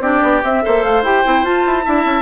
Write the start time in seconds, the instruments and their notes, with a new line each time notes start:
0.00 bassoon C4, clarinet D4, oboe G4, flute D5
0.22 bassoon B3
0.43 bassoon C4, clarinet C4, flute E5
0.62 bassoon A#3, clarinet A4, oboe C5
0.83 bassoon A3, flute F5
1.03 bassoon E4, clarinet G4, flute G5
1.25 bassoon C4, clarinet E4
1.43 bassoon F4, clarinet F4, flute A5
1.66 bassoon E4
1.83 bassoon D4, clarinet E4, oboe E5
2.05 bassoon C#4